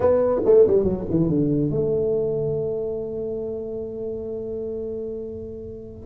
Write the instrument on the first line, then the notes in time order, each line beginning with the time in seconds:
tuba
0.00 B3
0.45 A3
0.67 G3
0.83 F#3
1.09 E3
1.28 D3
1.70 A3